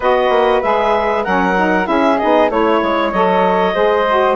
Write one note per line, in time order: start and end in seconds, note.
0.00 0.29 B3
0.00 0.62 F#4
0.00 1.24 B4
0.00 0.62 D#5
0.29 0.61 A#3
0.62 1.26 G#3
0.62 1.24 G#4
0.62 1.24 E5
1.24 1.87 F#3
1.24 1.56 C#4
1.24 1.87 A#4
1.24 1.86 F#5
1.57 1.84 D#4
1.84 2.19 C#4
1.84 2.15 E4
1.84 2.50 G#4
1.84 2.18 E5
2.18 2.49 B3
2.18 2.50 D#4
2.18 2.49 D#5
2.49 2.81 A3
2.49 3.13 E4
2.49 3.74 C#5
2.49 3.11 C#5
2.82 3.12 G#3
3.11 3.75 F#3
3.11 3.73 A4
3.11 4.36 D#5
3.73 4.36 G#3
3.73 4.04 G#4
3.73 4.36 C5
4.09 4.36 F#4